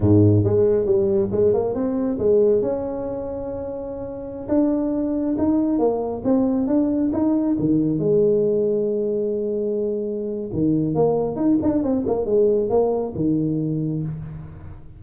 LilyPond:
\new Staff \with { instrumentName = "tuba" } { \time 4/4 \tempo 4 = 137 gis,4 gis4 g4 gis8 ais8 | c'4 gis4 cis'2~ | cis'2~ cis'16 d'4.~ d'16~ | d'16 dis'4 ais4 c'4 d'8.~ |
d'16 dis'4 dis4 gis4.~ gis16~ | gis1 | dis4 ais4 dis'8 d'8 c'8 ais8 | gis4 ais4 dis2 | }